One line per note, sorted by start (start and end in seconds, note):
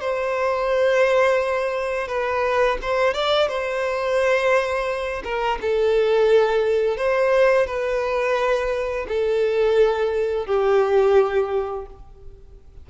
0.00 2.08 C5
2.08 2.78 B4
2.82 3.14 C5
3.14 3.49 D5
3.49 5.23 C5
5.24 5.58 A#4
5.61 6.97 A4
6.97 7.67 C5
7.67 9.06 B4
9.08 10.47 A4
10.47 11.86 G4